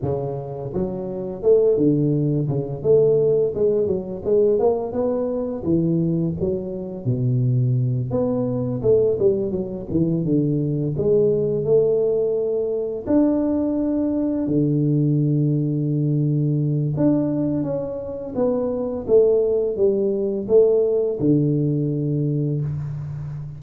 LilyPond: \new Staff \with { instrumentName = "tuba" } { \time 4/4 \tempo 4 = 85 cis4 fis4 a8 d4 cis8 | a4 gis8 fis8 gis8 ais8 b4 | e4 fis4 b,4. b8~ | b8 a8 g8 fis8 e8 d4 gis8~ |
gis8 a2 d'4.~ | d'8 d2.~ d8 | d'4 cis'4 b4 a4 | g4 a4 d2 | }